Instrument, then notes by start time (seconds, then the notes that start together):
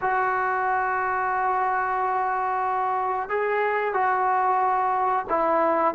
trombone
0.01 F#4
3.29 G#4
3.93 F#4
5.29 E4